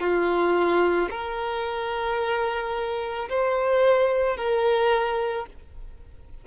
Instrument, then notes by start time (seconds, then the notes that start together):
violin
0.00 F4
1.11 A#4
3.29 C5
4.37 A#4